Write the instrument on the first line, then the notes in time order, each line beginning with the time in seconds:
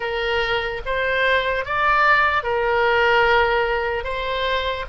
oboe
0.00 A#4
0.85 C5
1.65 D5
2.43 A#4
4.04 C5